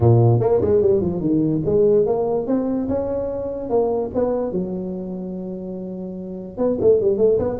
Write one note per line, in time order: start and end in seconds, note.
0.00 0.40 A#2
0.40 0.60 A#3
0.61 0.81 G#3
0.81 1.01 G3
1.01 1.20 F3
1.20 1.61 D#3
1.65 2.06 G#3
2.06 2.47 A#3
2.47 2.88 C4
2.88 3.69 C#4
3.69 4.10 A#3
4.14 4.52 B3
4.52 6.57 F#3
6.57 6.78 B3
6.80 7.00 A3
7.00 7.17 G3
7.17 7.38 A3
7.38 7.59 B3